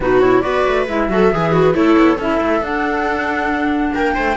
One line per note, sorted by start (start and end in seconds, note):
0.00 0.43 B2
0.00 0.21 D#4
0.00 0.43 F#4
0.00 0.20 B4
0.20 0.42 E4
0.20 0.41 C#5
0.41 0.65 B3
0.41 0.86 F#4
0.41 1.08 B4
0.41 0.84 D5
0.66 0.88 A3
0.87 1.08 G#3
0.87 1.10 E4
0.87 1.53 E5
1.08 1.30 F#3
1.08 1.31 F#4
1.08 1.34 A4
1.31 1.74 E3
1.31 1.75 G#4
1.31 1.51 G#4
1.51 1.73 F#4
1.51 1.75 B4
1.74 1.96 A3
1.74 2.16 E4
1.74 2.19 A4
1.74 2.18 C#5
1.97 2.18 B3
2.16 2.40 C#4
2.16 2.61 E4
2.16 3.91 A4
2.16 2.64 E5
2.40 2.60 A3
2.60 3.92 D4
2.60 4.36 D4
2.60 3.94 F#5
3.94 4.17 A#3
3.94 4.14 A#4
3.94 4.36 G5
4.14 4.36 A3
4.14 4.36 C5